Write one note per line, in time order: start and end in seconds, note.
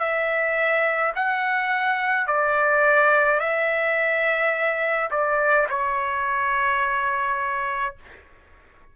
0.00 1.13 E5
1.16 2.27 F#5
2.27 3.40 D5
3.40 5.10 E5
5.11 5.68 D5
5.70 7.97 C#5